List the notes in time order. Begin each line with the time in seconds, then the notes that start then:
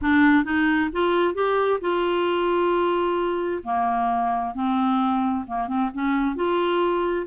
0.01 D4
0.44 D#4
0.92 F4
1.34 G4
1.81 F4
3.63 A#3
4.54 C4
5.46 A#3
5.67 C4
5.93 C#4
6.35 F4